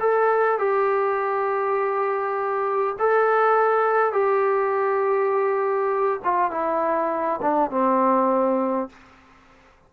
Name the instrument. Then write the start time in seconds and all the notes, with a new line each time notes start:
trombone
0.00 A4
0.59 G4
2.99 A4
4.13 G4
6.24 F4
6.51 E4
7.42 D4
7.71 C4